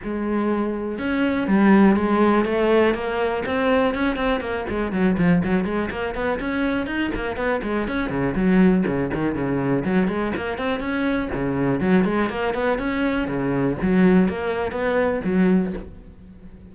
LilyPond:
\new Staff \with { instrumentName = "cello" } { \time 4/4 \tempo 4 = 122 gis2 cis'4 g4 | gis4 a4 ais4 c'4 | cis'8 c'8 ais8 gis8 fis8 f8 fis8 gis8 | ais8 b8 cis'4 dis'8 ais8 b8 gis8 |
cis'8 cis8 fis4 cis8 dis8 cis4 | fis8 gis8 ais8 c'8 cis'4 cis4 | fis8 gis8 ais8 b8 cis'4 cis4 | fis4 ais4 b4 fis4 | }